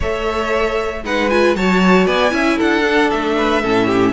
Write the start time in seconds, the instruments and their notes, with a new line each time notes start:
0.00 cello A3, viola A4, violin C#5 E5
1.04 cello G#3, viola D#4, violin B4 F#5
1.29 viola F4, violin G#5
1.55 cello F#3, viola F#4, violin C#5 A5
2.06 cello B3, violin D5 G#5
2.30 cello C#4, viola E4, violin E5
2.57 cello D4, violin A4 F#5
2.86 viola D4
3.10 cello A3, violin E5
3.37 violin B4
3.61 cello A2, viola C#4, violin A4
3.86 violin G4